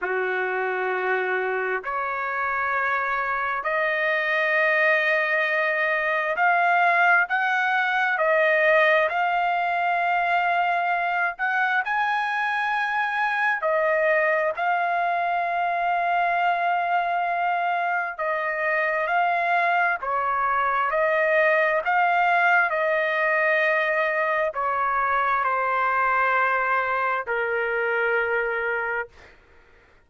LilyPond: \new Staff \with { instrumentName = "trumpet" } { \time 4/4 \tempo 4 = 66 fis'2 cis''2 | dis''2. f''4 | fis''4 dis''4 f''2~ | f''8 fis''8 gis''2 dis''4 |
f''1 | dis''4 f''4 cis''4 dis''4 | f''4 dis''2 cis''4 | c''2 ais'2 | }